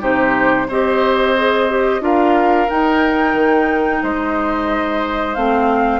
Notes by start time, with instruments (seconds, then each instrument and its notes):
0.00 bassoon C3, clarinet D#4, oboe G4, flute C5
0.68 bassoon C4, clarinet G4, oboe C5, flute D#5
1.37 clarinet G#4
1.69 clarinet G4
2.00 bassoon D4, clarinet F4, oboe A#4, flute F5
2.69 clarinet D#4, bassoon D#4, flute G5
3.33 bassoon D#3
4.03 bassoon G#3, oboe C5, flute D#5
5.34 bassoon A3, clarinet C4, flute F5